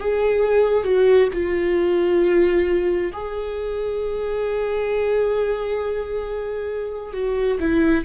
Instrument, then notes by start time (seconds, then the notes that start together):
viola
0.00 G#4
0.84 F#4
1.34 F4
3.13 G#4
7.14 F#4
7.60 E4